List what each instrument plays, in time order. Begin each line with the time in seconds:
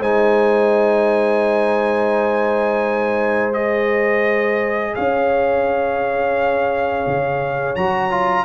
0.00 tuba G#3, trombone D#4, horn C5, trumpet G#5
3.53 trombone G#4, trumpet D#5
4.95 tuba C#4, horn C#5, trumpet F5
7.07 tuba C#3
7.76 tuba F#3, trombone F#4, trumpet A#5
8.11 trombone F4